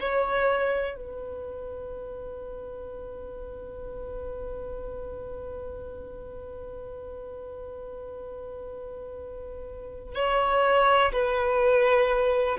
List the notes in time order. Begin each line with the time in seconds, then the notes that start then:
0.00 C#5
0.96 B4
10.15 C#5
11.12 B4